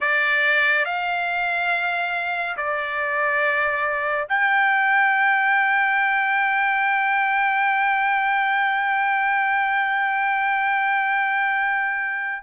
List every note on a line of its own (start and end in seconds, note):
0.00 0.85 D5
0.85 2.56 F5
2.56 4.28 D5
4.29 12.43 G5